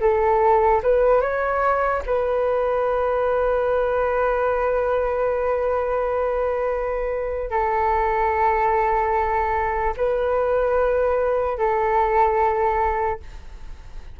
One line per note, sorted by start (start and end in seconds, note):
0.00 0.81 A4
0.83 1.21 B4
1.21 2.02 C#5
2.06 7.50 B4
7.50 9.94 A4
9.97 11.58 B4
11.58 13.20 A4